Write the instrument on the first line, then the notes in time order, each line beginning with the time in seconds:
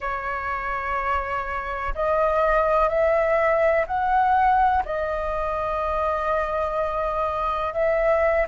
flute
0.00 C#5
1.94 D#5
2.89 E5
3.87 F#5
4.85 D#5
7.73 E5